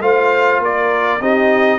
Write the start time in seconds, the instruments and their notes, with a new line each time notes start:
0.00 tuba A3, trombone F4, horn C5, trumpet F5
0.59 tuba A#3, horn A#4, trumpet D5
1.21 tuba C4, trombone D#4, horn G4, trumpet D#5